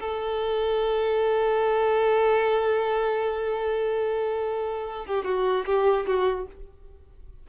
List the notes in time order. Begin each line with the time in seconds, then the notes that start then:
0.00 A4
5.06 G4
5.25 F#4
5.65 G4
6.06 F#4